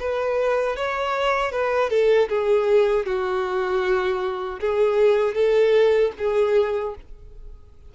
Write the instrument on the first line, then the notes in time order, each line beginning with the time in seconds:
violin
0.00 B4
0.76 C#5
1.52 B4
1.90 A4
2.29 G#4
3.06 F#4
4.60 G#4
5.35 A4
6.18 G#4